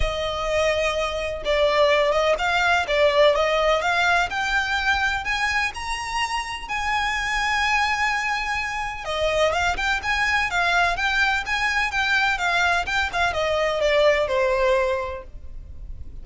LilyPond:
\new Staff \with { instrumentName = "violin" } { \time 4/4 \tempo 4 = 126 dis''2. d''4~ | d''8 dis''8 f''4 d''4 dis''4 | f''4 g''2 gis''4 | ais''2 gis''2~ |
gis''2. dis''4 | f''8 g''8 gis''4 f''4 g''4 | gis''4 g''4 f''4 g''8 f''8 | dis''4 d''4 c''2 | }